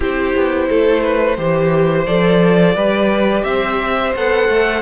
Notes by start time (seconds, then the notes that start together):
0.00 C4 E4 G4 C5
0.34 B3
0.69 A3 A4
1.02 B4
1.37 E3 G4 C5
2.06 F3 A4 D5
2.75 G3 G4 B4
3.44 C4 C5 E5
4.15 B3 A4 F#5
4.48 A3